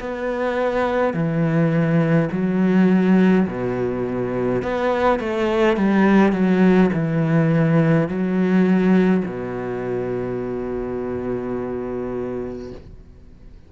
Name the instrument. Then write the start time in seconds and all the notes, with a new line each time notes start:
cello
0.00 B3
1.14 E3
2.32 F#3
3.48 B2
4.63 B3
5.20 A3
5.77 G3
6.33 F#3
6.94 E3
8.09 F#3
9.26 B2